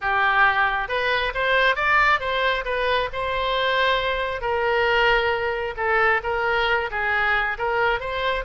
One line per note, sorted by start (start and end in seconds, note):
0.01 0.88 G4
0.88 1.32 B4
1.34 1.75 C5
1.75 2.20 D5
2.20 2.64 C5
2.64 3.09 B4
3.12 4.41 C5
4.41 5.74 A#4
5.76 6.21 A4
6.23 6.89 A#4
6.91 7.57 G#4
7.58 8.00 A#4
8.00 8.44 C5